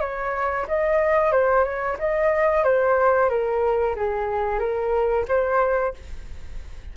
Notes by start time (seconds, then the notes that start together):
0.00 C#5
0.67 D#5
1.32 C5
1.64 C#5
1.99 D#5
2.63 C5
3.29 A#4
3.95 G#4
4.59 A#4
5.28 C5